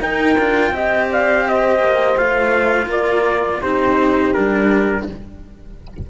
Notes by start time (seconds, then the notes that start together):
0.00 D#4 A#4 G5
0.38 D4 F4
0.71 C4 G4 D#5
1.11 D5 F5
1.45 C5 D#5
1.79 A#3
2.17 A3 F4 F5
2.87 A#3 A#4 D5
3.60 C4 D#4 G4 C5
4.33 G3 D4 A#4